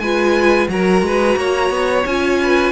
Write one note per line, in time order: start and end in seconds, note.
0.00 0.68 G#3
0.00 0.69 F4
0.00 0.70 B4
0.00 0.68 G#5
0.69 1.02 F#3
0.69 2.06 F#4
0.69 1.06 A#4
0.69 2.06 A#5
1.02 1.36 G#3
1.02 1.38 B4
1.37 1.70 A#3
1.37 2.41 C#5
1.70 2.05 B3
2.06 2.73 C#4
2.06 2.73 F4
2.06 2.73 G#5
2.43 2.73 B4